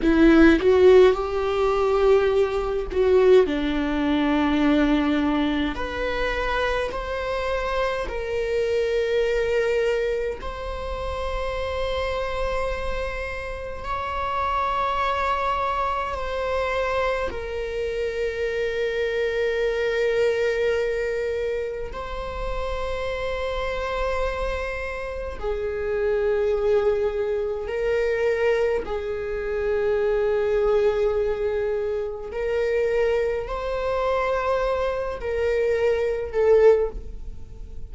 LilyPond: \new Staff \with { instrumentName = "viola" } { \time 4/4 \tempo 4 = 52 e'8 fis'8 g'4. fis'8 d'4~ | d'4 b'4 c''4 ais'4~ | ais'4 c''2. | cis''2 c''4 ais'4~ |
ais'2. c''4~ | c''2 gis'2 | ais'4 gis'2. | ais'4 c''4. ais'4 a'8 | }